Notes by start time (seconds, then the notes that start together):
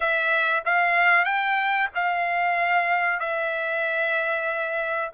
0.00 E5
0.65 F5
1.24 G5
1.94 F5
3.19 E5